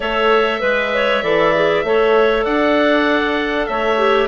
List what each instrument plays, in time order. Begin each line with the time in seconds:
0.00 bassoon A3, clarinet A4 C#5, oboe E5
0.60 bassoon G#3, clarinet B4
0.94 clarinet C#5
1.23 bassoon E3, clarinet A4 D5
1.54 clarinet G#4
1.83 bassoon A3, clarinet A4 C#5
2.44 bassoon D4, clarinet D5, oboe F#5
3.66 bassoon A3, clarinet C#5, oboe E5
3.97 clarinet G4